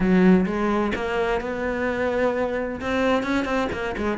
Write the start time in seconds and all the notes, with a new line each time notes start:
0.00 F#3
0.46 G#3
0.95 A#3
1.40 B3
2.80 C4
3.23 C#4
3.44 C4
3.72 A#3
3.97 G#3